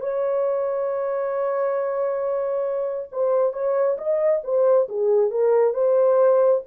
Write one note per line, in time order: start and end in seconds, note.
0.00 3.09 C#5
3.11 3.53 C5
3.53 3.97 C#5
3.97 4.42 D#5
4.43 4.87 C5
4.88 5.30 G#4
5.30 5.73 A#4
5.73 6.61 C5